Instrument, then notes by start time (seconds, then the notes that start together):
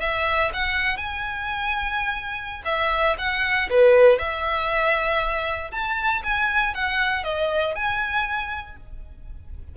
violin
0.00 E5
0.53 F#5
0.97 G#5
2.65 E5
3.18 F#5
3.70 B4
4.18 E5
5.71 A5
6.23 G#5
6.74 F#5
7.24 D#5
7.74 G#5